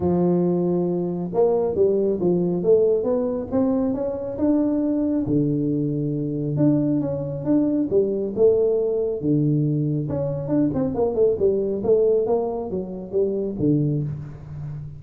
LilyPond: \new Staff \with { instrumentName = "tuba" } { \time 4/4 \tempo 4 = 137 f2. ais4 | g4 f4 a4 b4 | c'4 cis'4 d'2 | d2. d'4 |
cis'4 d'4 g4 a4~ | a4 d2 cis'4 | d'8 c'8 ais8 a8 g4 a4 | ais4 fis4 g4 d4 | }